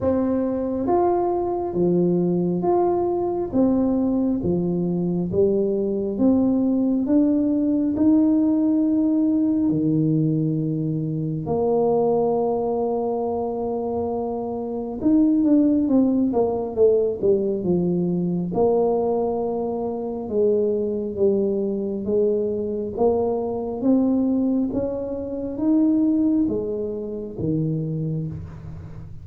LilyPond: \new Staff \with { instrumentName = "tuba" } { \time 4/4 \tempo 4 = 68 c'4 f'4 f4 f'4 | c'4 f4 g4 c'4 | d'4 dis'2 dis4~ | dis4 ais2.~ |
ais4 dis'8 d'8 c'8 ais8 a8 g8 | f4 ais2 gis4 | g4 gis4 ais4 c'4 | cis'4 dis'4 gis4 dis4 | }